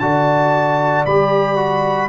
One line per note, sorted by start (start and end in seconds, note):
0.00 1.06 D3
0.00 1.07 F#4
0.00 2.09 D5
0.00 1.05 A5
1.06 2.09 G3
1.06 1.56 G4
1.06 2.09 B5
1.56 2.09 F#4